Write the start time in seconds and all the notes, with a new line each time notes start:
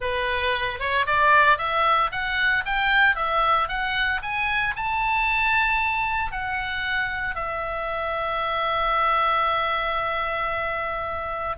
0.00 B4
0.79 C#5
1.06 D5
1.58 E5
2.11 F#5
2.65 G5
3.15 E5
3.68 F#5
4.22 G#5
4.76 A5
6.31 F#5
7.35 E5